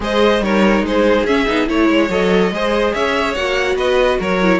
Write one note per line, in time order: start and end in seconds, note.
0.00 0.40 G#3
0.00 0.40 G#4
0.00 0.43 C5
0.00 0.43 D#5
0.40 0.81 G3
0.40 1.26 D#4
0.40 0.85 A#4
0.40 0.85 C#5
0.81 1.23 G#3
0.81 1.26 C5
0.87 1.68 G#4
1.24 1.45 C#4
1.24 1.46 C#4
1.24 1.68 E5
1.46 1.68 B3
1.46 1.66 D#4
1.66 1.89 A3
1.66 2.08 E4
1.66 2.52 C#5
1.66 2.11 C#5
1.89 2.09 G#3
2.09 2.51 F#3
2.09 2.52 A4
2.09 2.94 D#5
2.51 2.92 G#3
2.51 3.36 G#4
2.51 2.94 C5
2.94 3.36 C#4
2.94 3.76 C#5
2.94 3.34 E5
3.34 3.75 A#3
3.34 4.41 F#4
3.34 3.76 F#5
3.75 4.17 B3
3.75 4.18 B4
3.75 4.19 D#5
4.19 4.60 F#3
4.19 4.60 A#4
4.19 4.60 C#5
4.42 4.60 E4